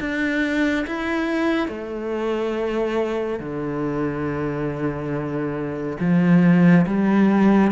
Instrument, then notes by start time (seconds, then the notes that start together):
cello
0.00 D4
0.87 E4
1.68 A3
3.40 D3
6.00 F3
6.86 G3